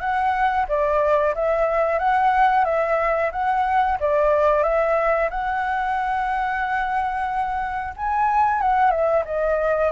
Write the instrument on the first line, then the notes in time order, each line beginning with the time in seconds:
flute
0.00 F#5
0.69 D5
1.35 E5
1.99 F#5
2.65 E5
3.32 F#5
4.00 D5
4.63 E5
5.30 F#5
7.97 G#5
8.61 F#5
8.91 E5
9.25 D#5